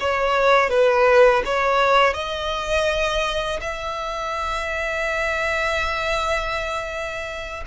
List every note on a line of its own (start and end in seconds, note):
0.00 0.70 C#5
0.70 1.43 B4
1.45 2.14 C#5
2.14 3.60 D#5
3.61 7.64 E5